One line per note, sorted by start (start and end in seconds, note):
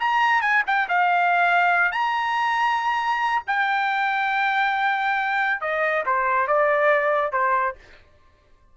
0.00 0.41 A#5
0.41 0.63 G#5
0.67 0.88 G5
0.88 1.92 F5
1.92 3.43 A#5
3.47 5.61 G5
5.61 6.04 D#5
6.06 6.48 C5
6.48 7.32 D5
7.32 7.76 C5